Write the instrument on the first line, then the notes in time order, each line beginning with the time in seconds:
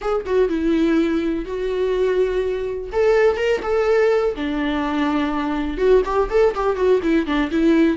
viola
0.01 G#4
0.25 F#4
0.49 E4
1.45 F#4
2.92 A4
3.36 A#4
3.62 A4
4.35 D4
5.77 F#4
6.04 G4
6.30 A4
6.55 G4
6.76 F#4
7.02 E4
7.26 D4
7.51 E4